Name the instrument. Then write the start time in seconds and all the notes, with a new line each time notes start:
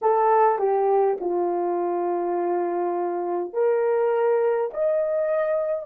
horn
0.01 A4
0.58 G4
1.20 F4
3.53 A#4
4.73 D#5